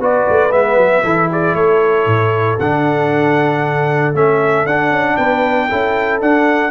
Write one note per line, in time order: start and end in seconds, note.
0.00 0.26 B3
0.00 0.51 F#4
0.00 1.04 B4
0.00 0.52 D5
0.30 0.52 A3
0.51 0.77 G#3
0.51 1.03 B3
0.51 1.30 E5
0.77 1.03 F#3
1.04 1.55 E3
1.04 2.59 E4
1.04 1.30 A4
1.31 1.57 G#4
1.31 1.56 D5
1.55 2.07 A3
1.55 5.18 A4
1.55 2.59 C#5
2.07 2.58 A2
2.60 4.14 D3
2.60 4.15 D4
2.60 4.15 F#5
4.14 4.66 A3
4.14 4.67 C#4
4.14 4.67 E5
4.66 4.91 D4
4.66 5.70 D4
4.66 5.17 F#5
4.91 5.17 C#4
5.17 5.70 B3
5.17 5.69 B4
5.17 6.20 G5
5.69 6.21 C#4
5.69 6.21 E4
5.69 6.72 A4
6.21 6.72 D4
6.21 6.72 F#5